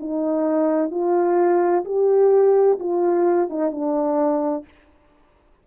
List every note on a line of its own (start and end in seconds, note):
0.00 0.90 D#4
0.90 1.84 F4
1.85 2.79 G4
2.80 3.49 F4
3.49 3.71 D#4
3.71 4.64 D4